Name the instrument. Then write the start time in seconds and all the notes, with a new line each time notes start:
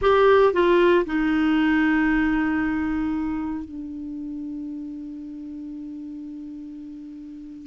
clarinet
0.01 G4
0.53 F4
1.05 D#4
3.65 D4